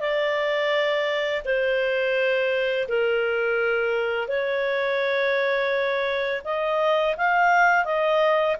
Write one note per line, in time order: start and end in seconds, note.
0.00 1.43 D5
1.45 2.88 C5
2.88 4.28 A#4
4.28 6.42 C#5
6.44 7.16 D#5
7.17 7.85 F5
7.85 8.56 D#5